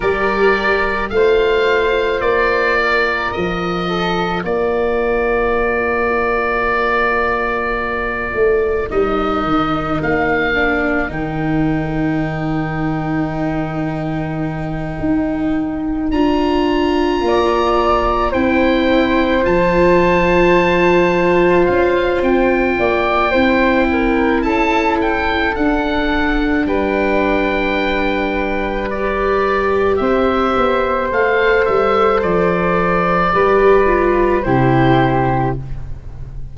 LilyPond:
<<
  \new Staff \with { instrumentName = "oboe" } { \time 4/4 \tempo 4 = 54 d''4 f''4 d''4 dis''4 | d''1 | dis''4 f''4 g''2~ | g''2~ g''8 ais''4.~ |
ais''8 g''4 a''2 f''8 | g''2 a''8 g''8 fis''4 | g''2 d''4 e''4 | f''8 e''8 d''2 c''4 | }
  \new Staff \with { instrumentName = "flute" } { \time 4/4 ais'4 c''4. ais'4 a'8 | ais'1~ | ais'1~ | ais'2.~ ais'8 d''8~ |
d''8 c''2.~ c''8~ | c''8 d''8 c''8 ais'8 a'2 | b'2. c''4~ | c''2 b'4 g'4 | }
  \new Staff \with { instrumentName = "viola" } { \time 4/4 g'4 f'2.~ | f'1 | dis'4. d'8 dis'2~ | dis'2~ dis'8 f'4.~ |
f'8 e'4 f'2~ f'8~ | f'4 e'2 d'4~ | d'2 g'2 | a'2 g'8 f'8 e'4 | }
  \new Staff \with { instrumentName = "tuba" } { \time 4/4 g4 a4 ais4 f4 | ais2.~ ais8 a8 | g8 dis8 ais4 dis2~ | dis4. dis'4 d'4 ais8~ |
ais8 c'4 f2 cis'8 | c'8 ais8 c'4 cis'4 d'4 | g2. c'8 b8 | a8 g8 f4 g4 c4 | }
>>